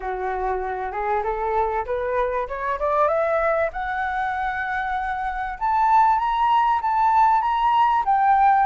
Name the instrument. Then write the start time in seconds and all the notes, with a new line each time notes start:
flute
0.00 F#4
0.91 G#4
1.23 A4
1.85 B4
2.47 C#5
2.79 D5
3.08 E5
3.72 F#5
5.59 A5
6.18 A#5
6.81 A5
7.41 A#5
8.05 G5